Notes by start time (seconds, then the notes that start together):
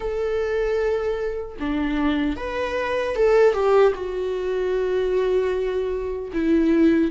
0.00 A4
1.59 D4
2.36 B4
3.15 A4
3.53 G4
3.94 F#4
6.33 E4